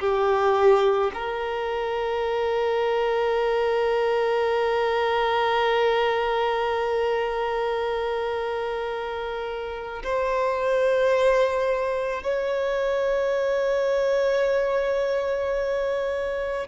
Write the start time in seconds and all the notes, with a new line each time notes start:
0.00 G4
1.14 A#4
10.04 C5
12.23 C#5